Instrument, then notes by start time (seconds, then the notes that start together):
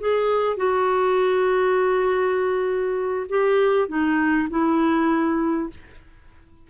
clarinet
0.00 G#4
0.57 F#4
3.29 G4
3.88 D#4
4.50 E4